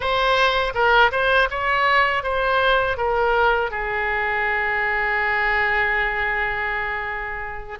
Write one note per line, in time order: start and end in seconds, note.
0.00 0.73 C5
0.74 1.11 A#4
1.11 1.48 C5
1.50 2.23 C#5
2.23 2.97 C5
2.97 3.70 A#4
3.70 7.78 G#4